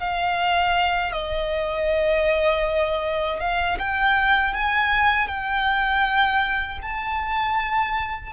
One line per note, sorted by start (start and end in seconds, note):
0.00 1.13 F5
1.13 3.40 D#5
3.40 3.78 F5
3.79 4.54 G5
4.54 5.28 G#5
5.28 6.80 G5
6.83 8.33 A5